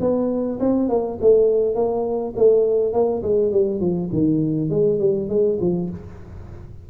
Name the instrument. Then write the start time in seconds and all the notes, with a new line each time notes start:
tuba
0.00 B3
0.60 C4
0.89 A#3
1.21 A3
1.75 A#3
2.36 A3
2.93 A#3
3.22 G#3
3.52 G3
3.80 F3
4.13 D#3
4.70 G#3
4.99 G3
5.29 G#3
5.60 F3